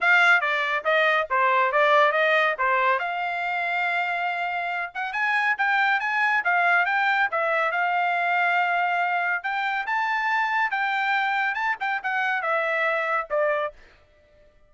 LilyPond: \new Staff \with { instrumentName = "trumpet" } { \time 4/4 \tempo 4 = 140 f''4 d''4 dis''4 c''4 | d''4 dis''4 c''4 f''4~ | f''2.~ f''8 fis''8 | gis''4 g''4 gis''4 f''4 |
g''4 e''4 f''2~ | f''2 g''4 a''4~ | a''4 g''2 a''8 g''8 | fis''4 e''2 d''4 | }